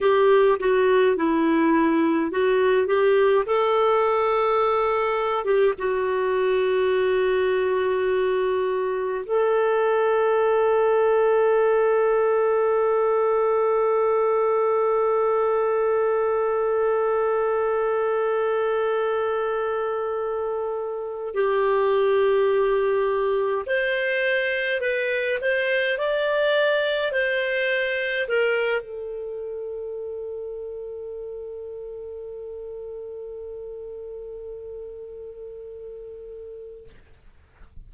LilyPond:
\new Staff \with { instrumentName = "clarinet" } { \time 4/4 \tempo 4 = 52 g'8 fis'8 e'4 fis'8 g'8 a'4~ | a'8. g'16 fis'2. | a'1~ | a'1~ |
a'2~ a'8 g'4.~ | g'8 c''4 b'8 c''8 d''4 c''8~ | c''8 ais'8 a'2.~ | a'1 | }